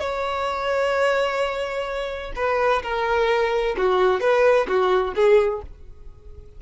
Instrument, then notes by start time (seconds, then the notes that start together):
violin
0.00 C#5
2.36 B4
2.83 A#4
3.77 F#4
4.21 B4
4.68 F#4
5.15 G#4